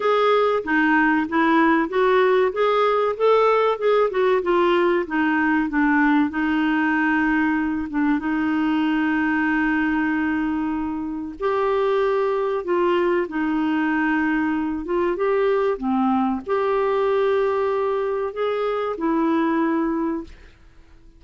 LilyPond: \new Staff \with { instrumentName = "clarinet" } { \time 4/4 \tempo 4 = 95 gis'4 dis'4 e'4 fis'4 | gis'4 a'4 gis'8 fis'8 f'4 | dis'4 d'4 dis'2~ | dis'8 d'8 dis'2.~ |
dis'2 g'2 | f'4 dis'2~ dis'8 f'8 | g'4 c'4 g'2~ | g'4 gis'4 e'2 | }